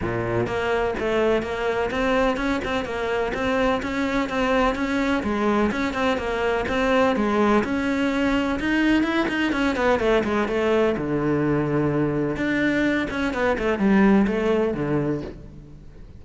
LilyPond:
\new Staff \with { instrumentName = "cello" } { \time 4/4 \tempo 4 = 126 ais,4 ais4 a4 ais4 | c'4 cis'8 c'8 ais4 c'4 | cis'4 c'4 cis'4 gis4 | cis'8 c'8 ais4 c'4 gis4 |
cis'2 dis'4 e'8 dis'8 | cis'8 b8 a8 gis8 a4 d4~ | d2 d'4. cis'8 | b8 a8 g4 a4 d4 | }